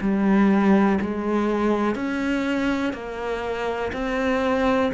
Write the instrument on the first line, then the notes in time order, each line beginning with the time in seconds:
cello
0.00 G3
1.01 G#3
1.95 C#4
2.93 A#3
3.93 C4